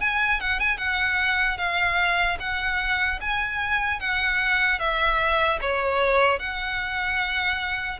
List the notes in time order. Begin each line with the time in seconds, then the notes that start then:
0.00 G#5
0.40 F#5
0.59 G#5
0.77 F#5
1.57 F5
2.39 F#5
3.20 G#5
4.00 F#5
4.79 E5
5.61 C#5
6.39 F#5